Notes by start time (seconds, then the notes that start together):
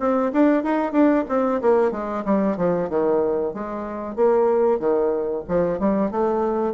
0.00 C4
0.33 D4
0.64 D#4
0.92 D4
1.29 C4
1.61 A#3
1.92 G#3
2.25 G3
2.57 F3
2.90 D#3
3.54 G#3
4.16 A#3
4.79 D#3
5.48 F3
5.80 G3
6.11 A3